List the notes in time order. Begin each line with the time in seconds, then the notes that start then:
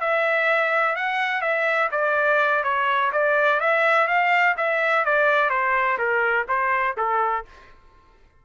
0.00 E5
0.96 F#5
1.41 E5
1.91 D5
2.63 C#5
3.12 D5
3.60 E5
4.07 F5
4.57 E5
5.05 D5
5.50 C5
5.98 A#4
6.48 C5
6.97 A4